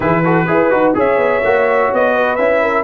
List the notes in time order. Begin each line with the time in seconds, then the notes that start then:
0.00 E3 E4 G#4 B4
0.24 F#4 A4
0.47 E4 G#4 B4
0.70 D#4 F#4
0.94 C#4 G#4 C#5 E5
1.17 B3
1.43 A#3 F#4
1.93 B3 D#5
2.14 B4
2.35 C#4 E4 E5
2.62 A#4